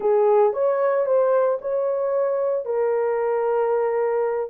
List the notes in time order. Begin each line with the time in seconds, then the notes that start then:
0.00 G#4
0.53 C#5
1.05 C5
1.61 C#5
2.65 A#4